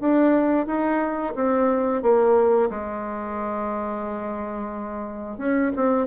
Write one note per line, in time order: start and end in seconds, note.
0.00 0.66 D4
0.66 1.34 D#4
1.35 2.02 C4
2.02 2.70 A#3
2.70 5.37 G#3
5.37 5.71 C#4
5.76 6.06 C4